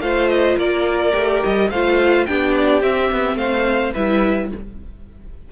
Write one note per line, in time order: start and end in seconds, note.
0.00 0.56 A3
0.00 1.12 F4
0.00 0.57 C5
0.00 0.28 F5
0.28 0.56 D#5
0.57 1.13 A#3
0.57 1.69 A#4
0.57 1.43 D5
1.12 1.43 A3
1.12 1.68 G4
1.43 1.71 G3
1.43 1.70 D#5
1.70 2.27 A3
1.70 2.27 F4
1.70 2.27 C5
1.70 2.26 F5
2.26 2.82 B3
2.26 2.82 D4
2.26 3.37 G4
2.26 2.54 G5
2.55 2.82 D5
2.82 3.94 C4
2.82 3.10 C4
2.82 3.37 E5
3.11 3.35 B3
3.35 3.91 A3
3.35 3.93 C5
3.35 3.93 F5
3.93 4.51 G3
3.93 4.51 E4
3.93 4.49 B4
3.93 4.50 E5